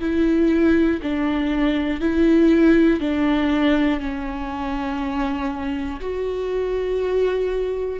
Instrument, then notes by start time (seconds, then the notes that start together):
viola
0.00 E4
1.02 D4
2.00 E4
3.00 D4
4.00 C#4
6.00 F#4